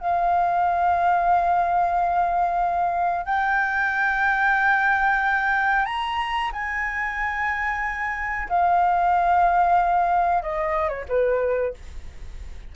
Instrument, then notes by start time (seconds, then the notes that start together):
flute
0.00 F5
3.26 G5
5.86 A#5
6.53 G#5
8.49 F5
10.43 D#5
10.89 C#5
11.09 B4